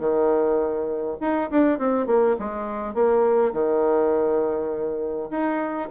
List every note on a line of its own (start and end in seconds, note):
0.00 1.18 D#3
1.21 1.51 D#4
1.51 1.79 D4
1.79 2.07 C4
2.07 2.37 A#3
2.40 2.95 G#3
2.95 3.53 A#3
3.53 5.30 D#3
5.31 5.90 D#4